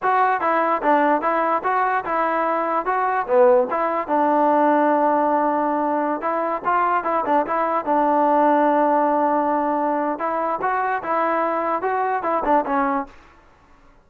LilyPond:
\new Staff \with { instrumentName = "trombone" } { \time 4/4 \tempo 4 = 147 fis'4 e'4 d'4 e'4 | fis'4 e'2 fis'4 | b4 e'4 d'2~ | d'2.~ d'16 e'8.~ |
e'16 f'4 e'8 d'8 e'4 d'8.~ | d'1~ | d'4 e'4 fis'4 e'4~ | e'4 fis'4 e'8 d'8 cis'4 | }